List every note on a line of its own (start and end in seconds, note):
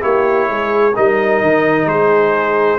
0.00 0.49 A#3
0.00 0.92 E4
0.00 0.47 G4
0.00 0.95 C#5
0.47 0.95 G#3
0.47 0.93 G#4
0.94 1.42 G3
0.94 2.78 D#4
0.94 1.88 A#4
0.94 1.88 D#5
1.42 1.85 D#3
1.85 2.77 G#3
1.85 2.78 G#4
1.85 2.78 C5